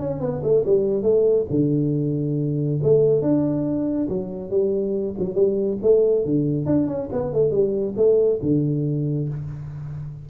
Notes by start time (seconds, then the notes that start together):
0.00 C#4
0.20 B3
0.43 A3
0.66 G3
1.03 A3
1.50 D3
2.83 A3
3.22 D4
4.09 F#3
4.50 G3
5.19 F#3
5.35 G3
5.82 A3
6.25 D3
6.66 D4
6.88 C#4
7.12 B3
7.33 A3
7.51 G3
7.97 A3
8.43 D3